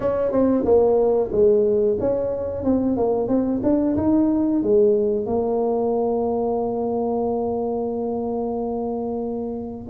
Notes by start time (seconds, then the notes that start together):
0.00 C#4
0.31 C4
0.64 A#3
1.32 G#3
2.00 C#4
2.64 C4
2.96 A#3
3.28 C4
3.63 D4
3.97 D#4
4.62 G#3
5.25 A#3